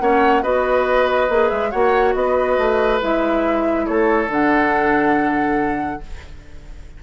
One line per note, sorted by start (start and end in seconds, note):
0.00 0.44 A#3
0.00 0.43 C#4
0.00 0.43 C#5
0.00 0.43 F#5
0.43 1.29 B3
0.43 1.29 F#4
0.43 1.71 B4
0.43 1.50 D#5
1.29 1.50 A#3
1.29 1.72 G#4
1.50 1.73 G#3
1.50 1.71 E5
1.71 2.15 A#3
1.71 3.01 F#4
1.71 2.14 C#5
1.71 2.14 F#5
2.14 2.58 B3
2.14 3.86 B4
2.14 3.00 D#5
2.58 3.01 A3
3.01 3.88 G#3
3.01 4.29 E4
3.01 3.86 E5
3.86 4.27 A3
3.86 6.00 A4
3.86 4.29 C#5
4.27 5.99 D3
4.27 6.01 D4
4.27 6.03 F#5